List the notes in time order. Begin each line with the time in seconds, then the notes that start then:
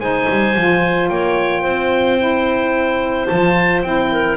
0.00 G#3 D#4 C5 G#5
0.29 G3
0.56 F3 F4
1.09 A#3 C#5 G5
1.62 C4 C5
2.19 E4
3.28 F3 F4 A5
3.83 C4 E4 G5
4.12 A#4